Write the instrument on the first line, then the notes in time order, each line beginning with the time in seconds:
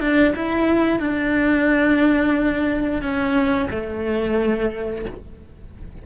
cello
0.00 D4
0.36 E4
0.99 D4
3.02 C#4
3.70 A3